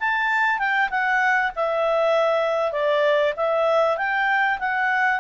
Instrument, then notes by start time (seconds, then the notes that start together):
clarinet
0.00 A5
0.59 G5
0.91 F#5
1.56 E5
2.72 D5
3.37 E5
3.97 G5
4.59 F#5